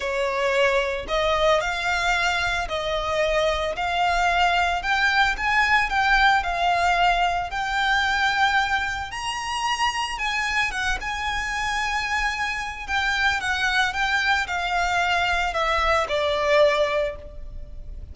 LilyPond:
\new Staff \with { instrumentName = "violin" } { \time 4/4 \tempo 4 = 112 cis''2 dis''4 f''4~ | f''4 dis''2 f''4~ | f''4 g''4 gis''4 g''4 | f''2 g''2~ |
g''4 ais''2 gis''4 | fis''8 gis''2.~ gis''8 | g''4 fis''4 g''4 f''4~ | f''4 e''4 d''2 | }